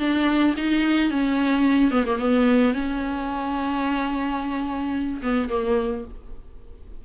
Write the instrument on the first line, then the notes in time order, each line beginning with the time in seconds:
viola
0.00 D4
0.58 D#4
1.11 C#4
1.91 B3
2.06 A#3
2.19 B3
2.74 C#4
5.23 B3
5.50 A#3